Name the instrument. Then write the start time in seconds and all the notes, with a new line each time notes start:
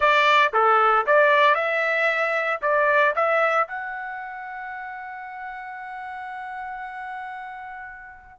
trumpet
0.00 D5
0.53 A4
1.06 D5
1.54 E5
2.61 D5
3.15 E5
3.67 F#5